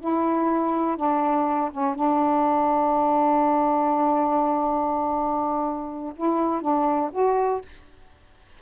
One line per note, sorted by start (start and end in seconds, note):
0.00 0.97 E4
0.97 1.71 D4
1.71 1.95 C#4
1.95 6.13 D4
6.16 6.61 E4
6.61 7.11 D4
7.12 7.61 F#4